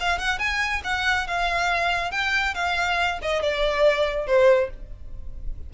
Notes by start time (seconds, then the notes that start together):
0.00 F5
0.18 F#5
0.39 G#5
0.84 F#5
1.27 F5
2.11 G5
2.54 F5
3.22 D#5
3.42 D5
4.27 C5